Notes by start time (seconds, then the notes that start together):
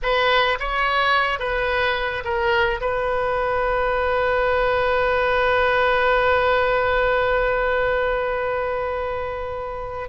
0.02 B4
0.59 C#5
1.39 B4
2.24 A#4
2.80 B4